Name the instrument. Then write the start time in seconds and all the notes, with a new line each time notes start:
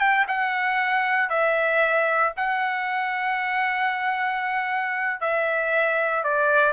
trumpet
0.00 G5
0.28 F#5
1.30 E5
2.37 F#5
5.21 E5
6.24 D5